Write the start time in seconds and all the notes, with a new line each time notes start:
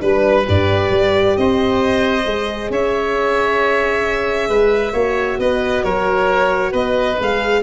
0.00 G3 D4 B4
0.44 G2 G4 D5
0.91 G3
1.37 C4 C5 D#5
2.25 G#3 G#4
2.70 C#4 C#5 E5
4.49 G#3 B4
4.92 A#3 F#4 C#5
5.39 B3 B4 D#5
5.83 F#3 A#4 C#5
6.71 B3 B4 D#5
7.18 G#3 G#4 F5